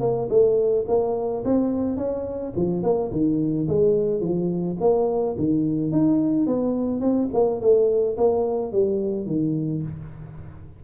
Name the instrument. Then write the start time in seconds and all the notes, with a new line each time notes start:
tuba
0.00 A#3
0.29 A3
0.87 A#3
1.44 C4
1.97 C#4
2.55 F3
2.83 A#3
3.11 D#3
3.68 G#3
4.20 F3
4.80 A#3
5.38 D#3
5.92 D#4
6.46 B3
7.00 C4
7.33 A#3
7.60 A3
8.17 A#3
8.72 G3
9.26 D#3